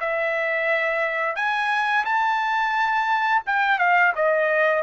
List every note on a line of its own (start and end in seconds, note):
0.00 1.35 E5
1.35 2.04 G#5
2.05 3.43 A5
3.46 3.78 G5
3.78 4.13 F5
4.15 4.82 D#5